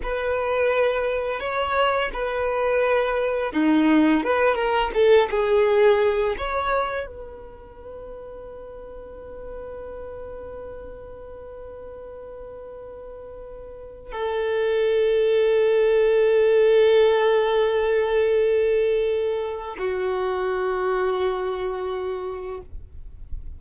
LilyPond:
\new Staff \with { instrumentName = "violin" } { \time 4/4 \tempo 4 = 85 b'2 cis''4 b'4~ | b'4 dis'4 b'8 ais'8 a'8 gis'8~ | gis'4 cis''4 b'2~ | b'1~ |
b'1 | a'1~ | a'1 | fis'1 | }